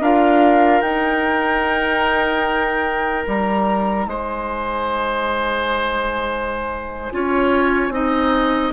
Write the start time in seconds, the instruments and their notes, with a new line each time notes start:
0.00 bassoon D4, clarinet F4, oboe A#4, flute F5
0.81 bassoon D#4, clarinet D#4, flute G5
3.27 bassoon G3, flute A#5
4.06 bassoon G#3, oboe C5, flute G#5
7.11 bassoon C#4, clarinet F4, oboe C#5
7.89 bassoon C4, clarinet D#4, oboe D#5